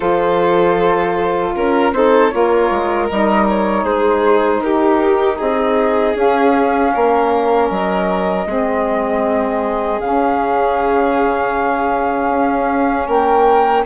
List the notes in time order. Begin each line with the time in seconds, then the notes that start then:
0.00 F3 F4 A4 C5
1.55 C#4 A#4
1.92 C4 D#4 A4 C5
2.29 A#3 F4 A#4 C#5
2.70 G#3
3.09 G3 D#4 D#5
3.49 C#5
3.83 G#3 G#4 C5
4.61 D#4 G4 A#4
5.37 C4 G#4 D#5
6.14 C#4 F5
6.94 A#3 A#4
7.69 F#3 D#5
8.46 G#3 C4 G#4
10.00 C#3 C#4 F5
12.28 C#4
13.07 A#3 A#4 G5